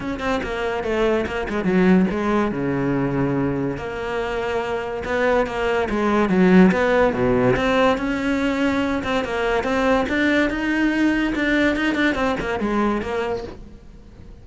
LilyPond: \new Staff \with { instrumentName = "cello" } { \time 4/4 \tempo 4 = 143 cis'8 c'8 ais4 a4 ais8 gis8 | fis4 gis4 cis2~ | cis4 ais2. | b4 ais4 gis4 fis4 |
b4 b,4 c'4 cis'4~ | cis'4. c'8 ais4 c'4 | d'4 dis'2 d'4 | dis'8 d'8 c'8 ais8 gis4 ais4 | }